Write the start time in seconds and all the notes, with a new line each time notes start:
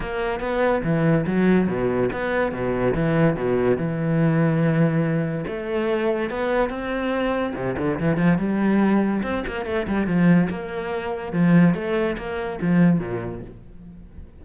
0.00 A#3
0.40 B3
0.83 E3
1.26 F#3
1.67 B2
2.12 B3
2.52 B2
2.94 E3
3.35 B2
3.77 E3
5.47 A3
6.30 B3
6.69 C4
7.55 C3
7.78 D3
7.99 E3
8.16 F3
8.38 G3
9.23 C4
9.47 A#3
9.65 A3
9.87 G3
10.07 F3
10.49 A#3
11.32 F3
11.74 A3
12.17 A#3
12.61 F3
12.99 A#2